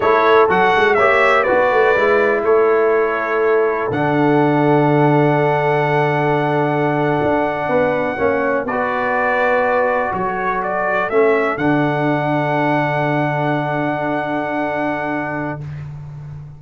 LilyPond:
<<
  \new Staff \with { instrumentName = "trumpet" } { \time 4/4 \tempo 4 = 123 cis''4 fis''4 e''4 d''4~ | d''4 cis''2. | fis''1~ | fis''1~ |
fis''4.~ fis''16 d''2~ d''16~ | d''8. cis''4 d''4 e''4 fis''16~ | fis''1~ | fis''1 | }
  \new Staff \with { instrumentName = "horn" } { \time 4/4 a'2 cis''4 b'4~ | b'4 a'2.~ | a'1~ | a'2.~ a'8. b'16~ |
b'8. cis''4 b'2~ b'16~ | b'8. a'2.~ a'16~ | a'1~ | a'1 | }
  \new Staff \with { instrumentName = "trombone" } { \time 4/4 e'4 fis'4 g'4 fis'4 | e'1 | d'1~ | d'1~ |
d'8. cis'4 fis'2~ fis'16~ | fis'2~ fis'8. cis'4 d'16~ | d'1~ | d'1 | }
  \new Staff \with { instrumentName = "tuba" } { \time 4/4 a4 fis8 gis8 ais4 b8 a8 | gis4 a2. | d1~ | d2~ d8. d'4 b16~ |
b8. ais4 b2~ b16~ | b8. fis2 a4 d16~ | d1~ | d1 | }
>>